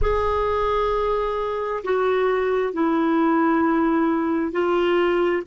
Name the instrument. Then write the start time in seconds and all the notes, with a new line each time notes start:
clarinet
0.01 G#4
1.83 F#4
2.73 E4
4.52 F4